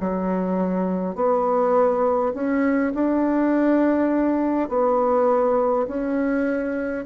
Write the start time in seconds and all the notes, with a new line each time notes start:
0.00 F#3
1.16 B3
2.34 C#4
2.95 D4
4.69 B3
5.88 C#4